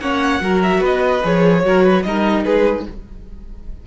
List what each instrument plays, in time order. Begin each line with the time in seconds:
0.00 cello A#3, viola C#4, violin C#5 F#5
0.41 cello F#3, viola F#4, violin A#4
0.63 violin E5
0.80 cello B3, violin B4 D#5
1.23 cello F3, viola G#4, violin C#5
1.64 cello F#3, viola F#4, violin A#4
1.84 violin B4
2.03 cello G3, viola D#4, violin A#4 D#5
2.45 cello G#3, violin G#4 B4